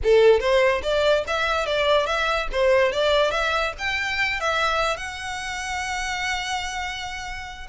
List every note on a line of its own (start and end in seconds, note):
0.03 0.40 A4
0.40 0.81 C5
0.82 1.24 D5
1.27 1.66 E5
1.66 2.06 D5
2.06 2.48 E5
2.52 2.92 C5
2.92 3.31 D5
3.31 3.73 E5
3.78 4.40 G5
4.40 4.97 E5
4.97 7.67 F#5